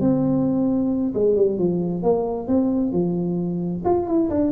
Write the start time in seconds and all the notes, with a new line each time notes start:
0.00 C4
1.14 G#3
1.36 G3
1.58 F3
2.02 A#3
2.47 C4
2.92 F3
3.84 F4
4.07 E4
4.30 D4